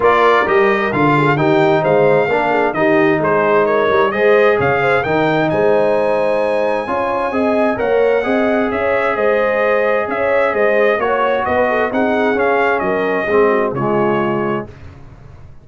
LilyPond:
<<
  \new Staff \with { instrumentName = "trumpet" } { \time 4/4 \tempo 4 = 131 d''4 dis''4 f''4 g''4 | f''2 dis''4 c''4 | cis''4 dis''4 f''4 g''4 | gis''1~ |
gis''4 fis''2 e''4 | dis''2 e''4 dis''4 | cis''4 dis''4 fis''4 f''4 | dis''2 cis''2 | }
  \new Staff \with { instrumentName = "horn" } { \time 4/4 ais'2~ ais'8 gis'8 g'4 | c''4 ais'8 gis'8 g'4 gis'4 | ais'4 c''4 cis''8 c''8 ais'4 | c''2. cis''4 |
dis''4 cis''4 dis''4 cis''4 | c''2 cis''4 c''4 | cis''4 b'8 a'8 gis'2 | ais'4 gis'8 fis'8 f'2 | }
  \new Staff \with { instrumentName = "trombone" } { \time 4/4 f'4 g'4 f'4 dis'4~ | dis'4 d'4 dis'2~ | dis'4 gis'2 dis'4~ | dis'2. f'4 |
gis'4 ais'4 gis'2~ | gis'1 | fis'2 dis'4 cis'4~ | cis'4 c'4 gis2 | }
  \new Staff \with { instrumentName = "tuba" } { \time 4/4 ais4 g4 d4 dis4 | gis4 ais4 dis4 gis4~ | gis8 g8 gis4 cis4 dis4 | gis2. cis'4 |
c'4 ais4 c'4 cis'4 | gis2 cis'4 gis4 | ais4 b4 c'4 cis'4 | fis4 gis4 cis2 | }
>>